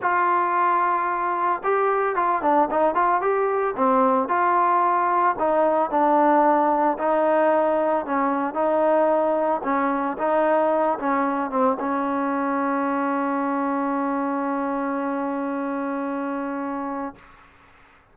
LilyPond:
\new Staff \with { instrumentName = "trombone" } { \time 4/4 \tempo 4 = 112 f'2. g'4 | f'8 d'8 dis'8 f'8 g'4 c'4 | f'2 dis'4 d'4~ | d'4 dis'2 cis'4 |
dis'2 cis'4 dis'4~ | dis'8 cis'4 c'8 cis'2~ | cis'1~ | cis'1 | }